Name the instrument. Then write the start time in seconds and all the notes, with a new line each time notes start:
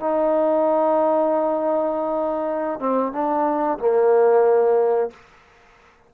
trombone
0.00 D#4
2.80 C4
3.13 D4
3.79 A#3